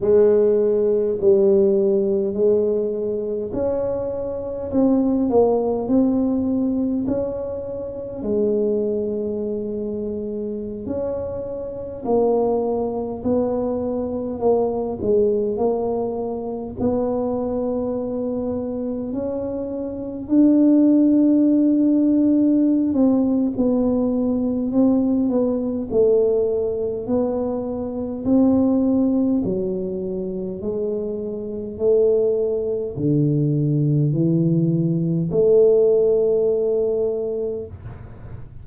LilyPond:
\new Staff \with { instrumentName = "tuba" } { \time 4/4 \tempo 4 = 51 gis4 g4 gis4 cis'4 | c'8 ais8 c'4 cis'4 gis4~ | gis4~ gis16 cis'4 ais4 b8.~ | b16 ais8 gis8 ais4 b4.~ b16~ |
b16 cis'4 d'2~ d'16 c'8 | b4 c'8 b8 a4 b4 | c'4 fis4 gis4 a4 | d4 e4 a2 | }